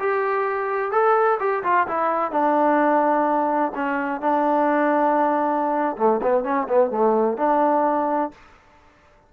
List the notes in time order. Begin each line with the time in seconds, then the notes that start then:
0.00 G4
0.92 A4
1.40 G4
1.64 F4
1.88 E4
2.32 D4
3.75 C#4
4.21 D4
5.97 A3
6.23 B3
6.44 C#4
6.69 B3
6.91 A3
7.38 D4